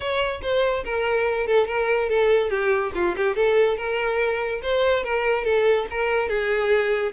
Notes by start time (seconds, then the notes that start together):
0.00 C#5
0.42 C5
0.84 A#4
1.46 A4
1.67 A#4
2.09 A4
2.49 G4
2.94 F4
3.16 G4
3.35 A4
3.77 A#4
4.62 C5
5.03 A#4
5.44 A4
5.90 A#4
6.28 G#4